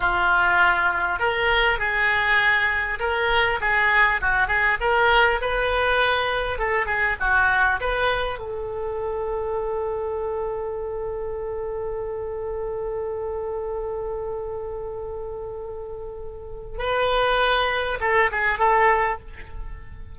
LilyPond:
\new Staff \with { instrumentName = "oboe" } { \time 4/4 \tempo 4 = 100 f'2 ais'4 gis'4~ | gis'4 ais'4 gis'4 fis'8 gis'8 | ais'4 b'2 a'8 gis'8 | fis'4 b'4 a'2~ |
a'1~ | a'1~ | a'1 | b'2 a'8 gis'8 a'4 | }